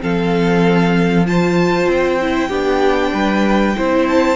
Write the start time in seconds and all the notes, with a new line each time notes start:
0.00 F3 C4 A4 F5
1.25 F4 C5 A5
1.86 C4 G5
2.20 E4
2.48 B3 D4 G4
3.13 G3 B4
3.76 C4 E4 C5
4.07 A5